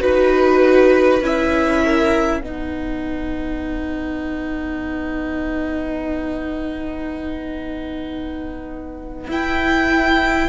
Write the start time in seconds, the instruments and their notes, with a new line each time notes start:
0.00 cello D#4, viola F#4, violin B4
1.22 cello C#4, viola E4, violin E5
1.85 violin A#4
2.41 cello B3, viola D#4, violin B4 F#5
9.28 cello E4, viola E4, violin G5